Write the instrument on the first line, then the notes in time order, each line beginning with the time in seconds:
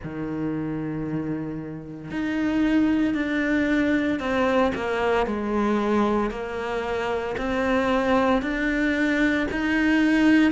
cello
0.03 D#3
2.11 D#4
3.14 D4
4.19 C4
4.74 A#3
5.26 G#3
6.30 A#3
7.37 C4
8.42 D4
9.51 D#4